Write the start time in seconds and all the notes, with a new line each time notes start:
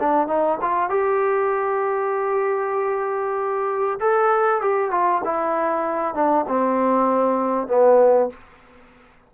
0.00 D4
0.28 D#4
0.62 F4
0.90 G4
4.00 A4
4.61 G4
4.91 F4
5.25 E4
6.15 D4
6.48 C4
7.68 B3